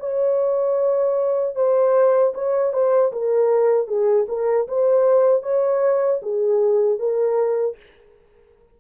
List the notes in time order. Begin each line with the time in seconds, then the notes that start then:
0.00 C#5
1.56 C5
2.34 C#5
2.73 C5
3.13 A#4
3.87 G#4
4.29 A#4
4.68 C5
5.43 C#5
6.22 G#4
6.99 A#4